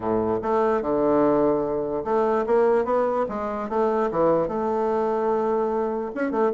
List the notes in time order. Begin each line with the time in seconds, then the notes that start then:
0.00 A2
0.42 A3
0.81 D3
2.04 A3
2.46 A#3
2.84 B3
3.28 G#3
3.69 A3
4.11 E3
4.48 A3
6.14 C#4
6.31 A3